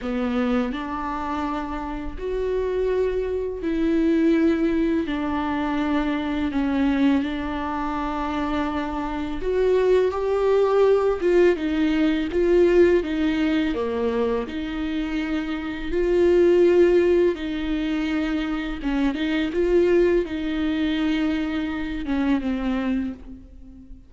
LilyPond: \new Staff \with { instrumentName = "viola" } { \time 4/4 \tempo 4 = 83 b4 d'2 fis'4~ | fis'4 e'2 d'4~ | d'4 cis'4 d'2~ | d'4 fis'4 g'4. f'8 |
dis'4 f'4 dis'4 ais4 | dis'2 f'2 | dis'2 cis'8 dis'8 f'4 | dis'2~ dis'8 cis'8 c'4 | }